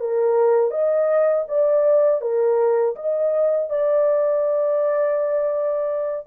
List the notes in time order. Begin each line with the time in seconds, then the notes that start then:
0.00 A#4
0.71 D#5
1.48 D5
2.21 A#4
2.96 D#5
3.70 D5